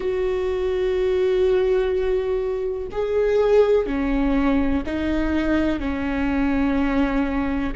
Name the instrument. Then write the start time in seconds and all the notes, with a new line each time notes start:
viola
0.00 F#4
2.91 G#4
3.86 C#4
4.86 D#4
5.79 C#4